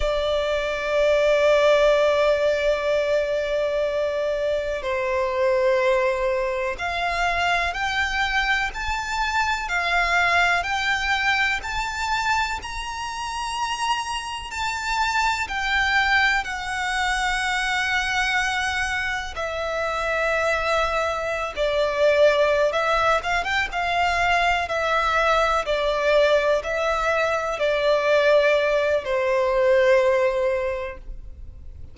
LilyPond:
\new Staff \with { instrumentName = "violin" } { \time 4/4 \tempo 4 = 62 d''1~ | d''4 c''2 f''4 | g''4 a''4 f''4 g''4 | a''4 ais''2 a''4 |
g''4 fis''2. | e''2~ e''16 d''4~ d''16 e''8 | f''16 g''16 f''4 e''4 d''4 e''8~ | e''8 d''4. c''2 | }